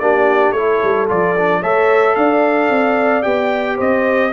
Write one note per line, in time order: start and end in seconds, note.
0.00 0.52 A#3
0.00 0.56 D4
0.00 0.56 G4
0.00 0.52 D5
0.52 0.79 A3
0.52 1.08 E4
0.52 1.60 A4
0.52 1.06 C#5
0.84 1.11 G3
1.08 1.63 F3
1.08 1.35 F4
1.08 1.63 D5
1.39 1.63 D4
1.60 2.16 A3
1.60 3.23 A4
1.60 2.14 C#5
1.60 2.16 E5
2.16 2.69 D4
2.16 3.77 D5
2.16 3.23 F5
2.69 3.24 C4
3.23 3.79 B3
3.23 4.31 G4
3.23 3.77 G5
3.77 4.34 C4
3.77 4.31 C5
3.77 4.34 D#5